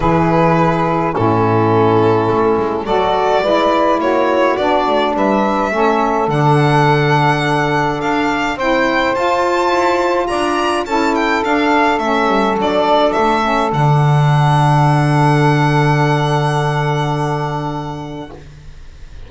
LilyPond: <<
  \new Staff \with { instrumentName = "violin" } { \time 4/4 \tempo 4 = 105 b'2 a'2~ | a'4 d''2 cis''4 | d''4 e''2 fis''4~ | fis''2 f''4 g''4 |
a''2 ais''4 a''8 g''8 | f''4 e''4 d''4 e''4 | fis''1~ | fis''1 | }
  \new Staff \with { instrumentName = "saxophone" } { \time 4/4 gis'2 e'2~ | e'4 a'4 b'4 fis'4~ | fis'4 b'4 a'2~ | a'2. c''4~ |
c''2 d''4 a'4~ | a'1~ | a'1~ | a'1 | }
  \new Staff \with { instrumentName = "saxophone" } { \time 4/4 e'2 cis'2~ | cis'4 fis'4 e'2 | d'2 cis'4 d'4~ | d'2. e'4 |
f'2. e'4 | d'4 cis'4 d'4. cis'8 | d'1~ | d'1 | }
  \new Staff \with { instrumentName = "double bass" } { \time 4/4 e2 a,2 | a8 gis8 fis4 gis4 ais4 | b8 a8 g4 a4 d4~ | d2 d'4 c'4 |
f'4 e'4 d'4 cis'4 | d'4 a8 g8 fis4 a4 | d1~ | d1 | }
>>